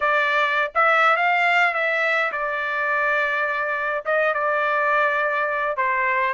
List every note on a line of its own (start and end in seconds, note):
0.00 0.72 D5
0.74 1.16 E5
1.16 1.74 F5
1.74 2.31 E5
2.32 4.05 D5
4.05 4.33 D#5
4.33 5.76 D5
5.76 6.34 C5